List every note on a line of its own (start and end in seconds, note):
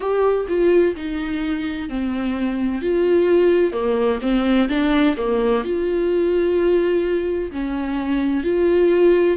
0.00 0.46 G4
0.48 0.95 F4
0.95 1.89 D#4
1.89 2.81 C4
2.81 3.72 F4
3.72 4.19 A#3
4.21 4.68 C4
4.69 5.16 D4
5.17 5.63 A#3
5.63 7.51 F4
7.51 8.43 C#4
8.43 9.37 F4